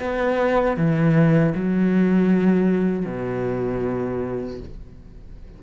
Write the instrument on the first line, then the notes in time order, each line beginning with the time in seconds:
cello
0.00 B3
0.77 E3
1.55 F#3
3.06 B2